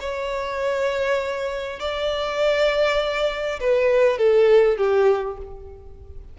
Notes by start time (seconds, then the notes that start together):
0.00 C#5
1.80 D5
3.60 B4
4.18 A4
4.78 G4